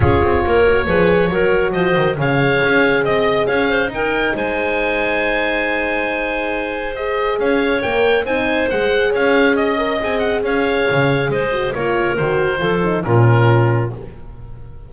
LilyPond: <<
  \new Staff \with { instrumentName = "oboe" } { \time 4/4 \tempo 4 = 138 cis''1 | dis''4 f''2 dis''4 | f''4 g''4 gis''2~ | gis''1 |
dis''4 f''4 g''4 gis''4 | fis''4 f''4 dis''4 gis''8 fis''8 | f''2 dis''4 cis''4 | c''2 ais'2 | }
  \new Staff \with { instrumentName = "clarinet" } { \time 4/4 gis'4 ais'4 b'4 ais'4 | c''4 cis''2 dis''4 | cis''8 c''8 ais'4 c''2~ | c''1~ |
c''4 cis''2 c''4~ | c''4 cis''4 dis''2 | cis''2 c''4 ais'4~ | ais'4 a'4 f'2 | }
  \new Staff \with { instrumentName = "horn" } { \time 4/4 f'4. fis'8 gis'4 fis'4~ | fis'4 gis'2.~ | gis'4 dis'2.~ | dis'1 |
gis'2 ais'4 dis'4 | gis'2~ gis'8 ais'8 gis'4~ | gis'2~ gis'8 fis'8 f'4 | fis'4 f'8 dis'8 cis'2 | }
  \new Staff \with { instrumentName = "double bass" } { \time 4/4 cis'8 c'8 ais4 f4 fis4 | f8 dis8 cis4 cis'4 c'4 | cis'4 dis'4 gis2~ | gis1~ |
gis4 cis'4 ais4 c'4 | gis4 cis'2 c'4 | cis'4 cis4 gis4 ais4 | dis4 f4 ais,2 | }
>>